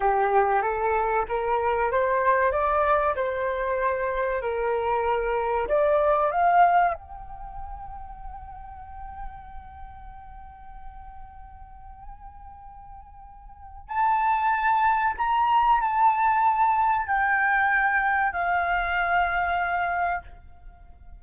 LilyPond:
\new Staff \with { instrumentName = "flute" } { \time 4/4 \tempo 4 = 95 g'4 a'4 ais'4 c''4 | d''4 c''2 ais'4~ | ais'4 d''4 f''4 g''4~ | g''1~ |
g''1~ | g''2 a''2 | ais''4 a''2 g''4~ | g''4 f''2. | }